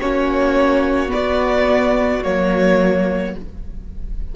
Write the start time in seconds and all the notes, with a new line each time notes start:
0.00 A#3 C#4 F#4 C#5
1.09 B3 D5
2.24 F#3 A#3 C#5